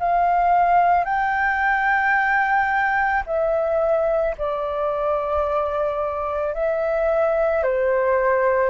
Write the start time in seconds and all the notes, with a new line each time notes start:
0.00 F5
1.05 G5
3.27 E5
4.38 D5
6.55 E5
7.64 C5